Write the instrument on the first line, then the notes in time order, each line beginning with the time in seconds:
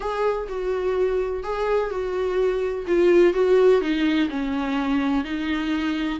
viola
0.00 G#4
0.48 F#4
1.43 G#4
1.90 F#4
2.87 F4
3.33 F#4
3.81 D#4
4.29 C#4
5.24 D#4